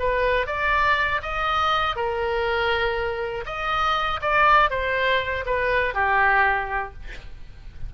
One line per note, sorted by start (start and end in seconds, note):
0.00 0.47 B4
0.47 1.21 D5
1.23 1.96 D#5
1.96 3.45 A#4
3.46 4.21 D#5
4.22 4.71 D5
4.71 5.45 C5
5.46 5.95 B4
5.95 6.94 G4